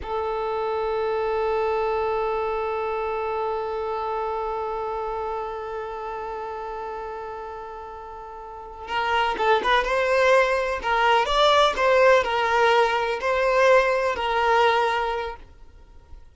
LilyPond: \new Staff \with { instrumentName = "violin" } { \time 4/4 \tempo 4 = 125 a'1~ | a'1~ | a'1~ | a'1~ |
a'2~ a'8 ais'4 a'8 | b'8 c''2 ais'4 d''8~ | d''8 c''4 ais'2 c''8~ | c''4. ais'2~ ais'8 | }